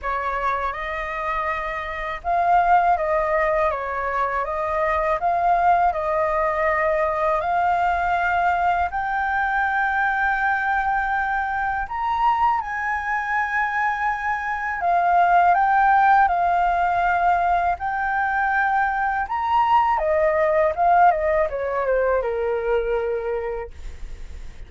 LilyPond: \new Staff \with { instrumentName = "flute" } { \time 4/4 \tempo 4 = 81 cis''4 dis''2 f''4 | dis''4 cis''4 dis''4 f''4 | dis''2 f''2 | g''1 |
ais''4 gis''2. | f''4 g''4 f''2 | g''2 ais''4 dis''4 | f''8 dis''8 cis''8 c''8 ais'2 | }